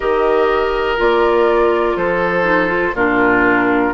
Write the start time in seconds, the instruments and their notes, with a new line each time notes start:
0.00 bassoon D#3, clarinet G4, oboe A#4, flute D#5
0.97 bassoon A#3, clarinet F4, flute D5
1.96 bassoon F3, oboe A4, flute C5
2.43 clarinet D#4
2.67 clarinet F4
2.93 bassoon A#2, clarinet D4, oboe F4, flute A#4